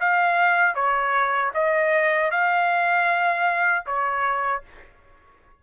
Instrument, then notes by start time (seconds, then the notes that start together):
trumpet
0.00 F5
0.75 C#5
1.54 D#5
2.31 F5
3.86 C#5